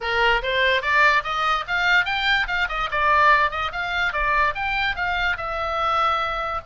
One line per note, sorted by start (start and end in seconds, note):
0.00 0.42 A#4
0.42 0.82 C5
0.82 1.23 D5
1.23 1.65 D#5
1.67 2.05 F5
2.05 2.46 G5
2.47 2.68 F5
2.68 2.89 D#5
2.91 3.50 D5
3.50 3.71 D#5
3.71 4.12 F5
4.12 4.54 D5
4.55 4.95 G5
4.95 5.36 F5
5.37 6.61 E5